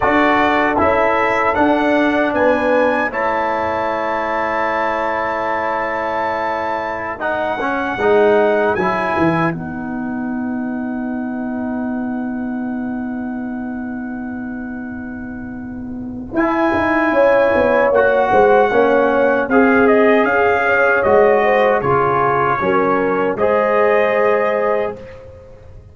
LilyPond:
<<
  \new Staff \with { instrumentName = "trumpet" } { \time 4/4 \tempo 4 = 77 d''4 e''4 fis''4 gis''4 | a''1~ | a''4~ a''16 fis''2 gis''8.~ | gis''16 fis''2.~ fis''8.~ |
fis''1~ | fis''4 gis''2 fis''4~ | fis''4 f''8 dis''8 f''4 dis''4 | cis''2 dis''2 | }
  \new Staff \with { instrumentName = "horn" } { \time 4/4 a'2. b'4 | cis''1~ | cis''4~ cis''16 b'2~ b'8.~ | b'1~ |
b'1~ | b'2 cis''4. c''8 | cis''4 gis'4. cis''4 c''8 | gis'4 ais'4 c''2 | }
  \new Staff \with { instrumentName = "trombone" } { \time 4/4 fis'4 e'4 d'2 | e'1~ | e'4~ e'16 dis'8 cis'8 dis'4 e'8.~ | e'16 dis'2.~ dis'8.~ |
dis'1~ | dis'4 e'2 fis'4 | cis'4 gis'2 fis'4 | f'4 cis'4 gis'2 | }
  \new Staff \with { instrumentName = "tuba" } { \time 4/4 d'4 cis'4 d'4 b4 | a1~ | a2~ a16 gis4 fis8 e16~ | e16 b2.~ b8.~ |
b1~ | b4 e'8 dis'8 cis'8 b8 ais8 gis8 | ais4 c'4 cis'4 gis4 | cis4 fis4 gis2 | }
>>